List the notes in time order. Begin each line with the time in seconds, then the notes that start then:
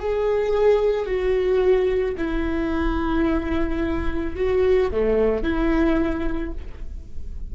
0.00 G#4
1.06 F#4
2.18 E4
4.36 F#4
4.91 A3
5.43 E4